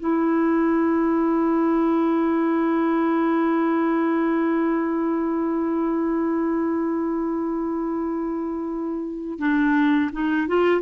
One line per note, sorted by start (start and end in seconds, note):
0.00 9.39 E4
9.39 10.11 D4
10.13 10.48 D#4
10.48 10.82 F4